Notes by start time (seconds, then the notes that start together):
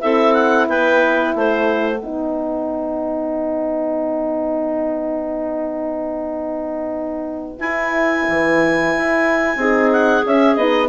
0.00 C4 E4 A4 E5
0.34 F#5
0.67 B3 B4 G5
1.34 A3 C5 F#5
1.99 B3 D#4 B4
7.59 E4 G#5
8.29 E3
8.97 E4
9.57 C4 D#4 G#4
9.92 F#5
10.26 C#4 E5
10.55 B3 D#4 D#5